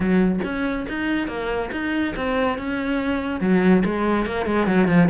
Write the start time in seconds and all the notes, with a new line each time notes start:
0.00 F#3
0.44 C#4
0.88 D#4
1.27 A#3
1.71 D#4
2.15 C4
2.57 C#4
3.40 F#3
3.84 G#3
4.26 A#3
4.46 G#3
4.66 F#3
4.87 F3